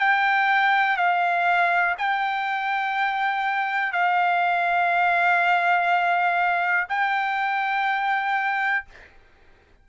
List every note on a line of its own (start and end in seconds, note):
0.00 0.97 G5
0.97 1.95 F5
1.98 3.93 G5
3.93 6.88 F5
6.89 8.86 G5